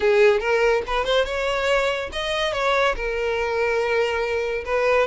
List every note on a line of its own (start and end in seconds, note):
0.00 0.40 G#4
0.40 0.82 A#4
0.86 1.04 B4
1.04 1.25 C5
1.25 2.10 C#5
2.12 2.52 D#5
2.52 2.95 C#5
2.95 4.64 A#4
4.65 5.07 B4